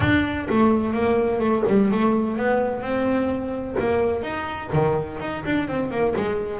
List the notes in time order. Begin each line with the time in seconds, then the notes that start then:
0.00 D4
0.49 A3
0.93 A#3
1.39 A3
1.67 G3
1.91 A3
2.36 B3
2.81 C4
3.79 A#3
4.22 D#4
4.72 D#3
5.20 D#4
5.45 D4
5.68 C4
5.90 A#3
6.15 G#3